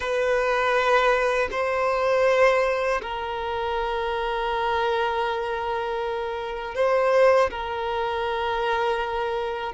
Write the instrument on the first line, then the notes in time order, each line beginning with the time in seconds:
violin
0.00 B4
1.51 C5
3.01 A#4
6.75 C5
7.50 A#4